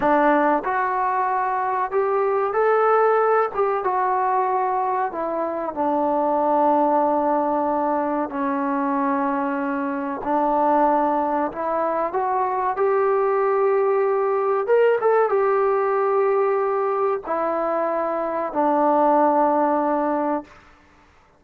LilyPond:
\new Staff \with { instrumentName = "trombone" } { \time 4/4 \tempo 4 = 94 d'4 fis'2 g'4 | a'4. g'8 fis'2 | e'4 d'2.~ | d'4 cis'2. |
d'2 e'4 fis'4 | g'2. ais'8 a'8 | g'2. e'4~ | e'4 d'2. | }